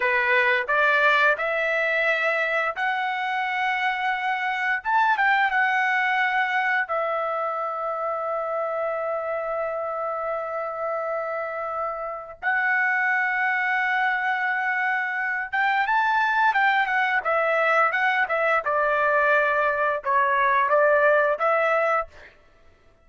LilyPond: \new Staff \with { instrumentName = "trumpet" } { \time 4/4 \tempo 4 = 87 b'4 d''4 e''2 | fis''2. a''8 g''8 | fis''2 e''2~ | e''1~ |
e''2 fis''2~ | fis''2~ fis''8 g''8 a''4 | g''8 fis''8 e''4 fis''8 e''8 d''4~ | d''4 cis''4 d''4 e''4 | }